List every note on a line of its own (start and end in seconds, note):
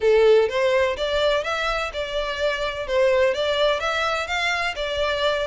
0.01 0.48 A4
0.48 0.96 C5
0.96 1.43 D5
1.43 1.91 E5
1.93 2.87 D5
2.87 3.34 C5
3.34 3.80 D5
3.80 4.27 E5
4.27 4.74 F5
4.75 5.47 D5